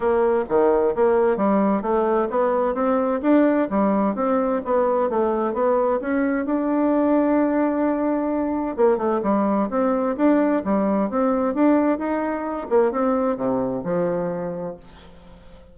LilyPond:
\new Staff \with { instrumentName = "bassoon" } { \time 4/4 \tempo 4 = 130 ais4 dis4 ais4 g4 | a4 b4 c'4 d'4 | g4 c'4 b4 a4 | b4 cis'4 d'2~ |
d'2. ais8 a8 | g4 c'4 d'4 g4 | c'4 d'4 dis'4. ais8 | c'4 c4 f2 | }